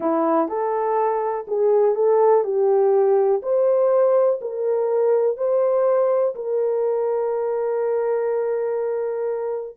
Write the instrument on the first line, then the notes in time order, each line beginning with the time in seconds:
horn
0.00 E4
0.48 A4
1.47 G#4
1.95 A4
2.43 G4
3.42 C5
4.41 A#4
5.37 C5
6.35 A#4